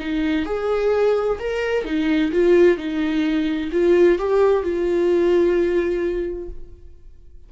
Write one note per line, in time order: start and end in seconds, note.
0.00 0.46 D#4
0.46 1.39 G#4
1.40 1.85 A#4
1.85 2.32 D#4
2.32 2.78 F4
2.78 3.71 D#4
3.72 4.19 F4
4.19 4.63 G4
4.63 6.49 F4